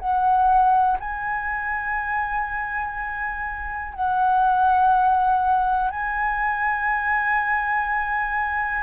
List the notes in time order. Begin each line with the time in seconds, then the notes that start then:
0.00 F#5
1.00 G#5
3.95 F#5
5.91 G#5